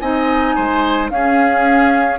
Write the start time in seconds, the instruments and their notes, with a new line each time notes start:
0.00 bassoon C4, clarinet D#4, oboe D#5, flute G#5
0.55 bassoon G#3, oboe C5
1.10 bassoon C#4, clarinet C#4, oboe G#4, flute F5